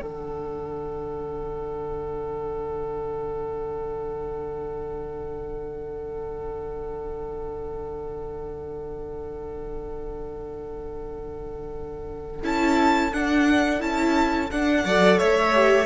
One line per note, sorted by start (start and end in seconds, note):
0.00 12.42 D3
0.00 12.41 D4
0.00 14.85 A4
0.00 12.43 F#5
12.43 13.13 C#4
12.43 13.12 E4
12.43 13.14 A5
13.13 13.80 D4
13.13 13.82 D4
13.13 13.81 F#5
13.80 14.51 C#4
13.80 14.49 E4
13.80 14.50 A5
14.52 14.85 D4
14.52 14.86 D4
14.52 15.19 F#5
14.85 15.19 F#3
14.85 15.54 A4
14.85 15.18 D5
15.18 15.86 A3
15.18 15.86 C#5
15.18 15.86 E5
15.54 15.86 G4